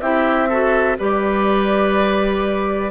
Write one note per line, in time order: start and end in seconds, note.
0.00 0.98 C4
0.00 0.50 E4
0.00 0.49 G4
0.00 0.97 E5
0.49 0.98 F#4
0.49 0.97 A4
0.98 2.90 G3
0.98 2.90 G4
0.98 2.90 B4
0.98 2.90 D5